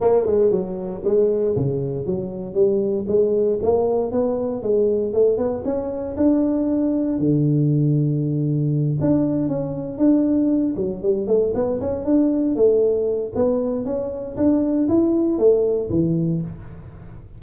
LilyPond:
\new Staff \with { instrumentName = "tuba" } { \time 4/4 \tempo 4 = 117 ais8 gis8 fis4 gis4 cis4 | fis4 g4 gis4 ais4 | b4 gis4 a8 b8 cis'4 | d'2 d2~ |
d4. d'4 cis'4 d'8~ | d'4 fis8 g8 a8 b8 cis'8 d'8~ | d'8 a4. b4 cis'4 | d'4 e'4 a4 e4 | }